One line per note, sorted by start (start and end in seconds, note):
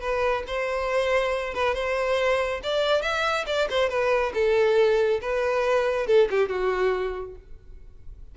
0.00 0.43 B4
0.47 1.54 C5
1.54 1.74 B4
1.74 2.60 C5
2.63 3.02 D5
3.02 3.45 E5
3.46 3.67 D5
3.70 3.89 C5
3.89 4.32 B4
4.34 5.20 A4
5.21 6.06 B4
6.06 6.28 A4
6.30 6.48 G4
6.48 7.35 F#4